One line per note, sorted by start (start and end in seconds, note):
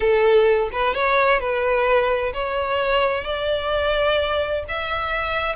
0.00 0.69 A4
0.72 0.94 B4
0.94 1.40 C#5
1.40 2.33 B4
2.33 3.24 C#5
3.24 4.63 D5
4.68 5.56 E5